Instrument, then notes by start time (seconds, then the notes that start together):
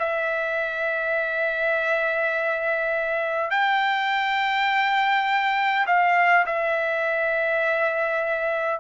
trumpet
0.00 E5
3.51 G5
5.87 F5
6.47 E5